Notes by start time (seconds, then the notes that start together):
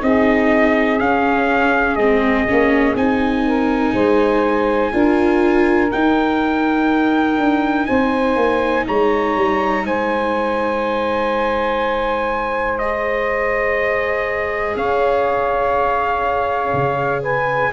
0.00 C4 D#4 G#4 D#5
0.99 C#4 F5
1.96 G#3 C4 D#5
2.48 A#3 C#4
2.95 C4 D#4 G#5
3.46 A#4
3.93 G#3 C5
4.92 D4 F4 A#4
5.91 D#4 G5
7.39 D4
7.86 C4 C5 G#5
8.36 A#3
8.85 G#3 C#5 A#5
9.36 G3
9.84 G#3 C5 G#5
12.78 G#4 D#5
14.76 C#4 C#5 F5
16.73 C#3
17.22 B4 G#5